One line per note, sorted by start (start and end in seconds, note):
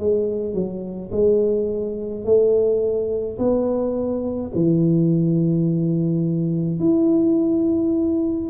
0.00 0.55 G#3
0.55 1.11 F#3
1.12 2.25 G#3
2.25 3.39 A3
3.39 4.52 B3
4.55 6.80 E3
6.80 8.50 E4